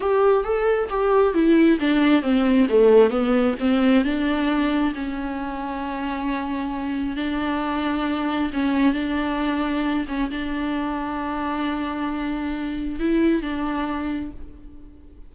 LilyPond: \new Staff \with { instrumentName = "viola" } { \time 4/4 \tempo 4 = 134 g'4 a'4 g'4 e'4 | d'4 c'4 a4 b4 | c'4 d'2 cis'4~ | cis'1 |
d'2. cis'4 | d'2~ d'8 cis'8 d'4~ | d'1~ | d'4 e'4 d'2 | }